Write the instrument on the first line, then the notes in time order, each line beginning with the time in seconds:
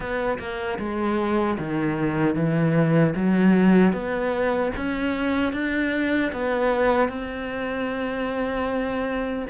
cello
0.00 B3
0.38 A#3
0.78 G#3
1.58 D#3
2.35 E3
3.15 F#3
3.93 B3
4.76 C#4
5.53 D4
6.32 B3
7.08 C4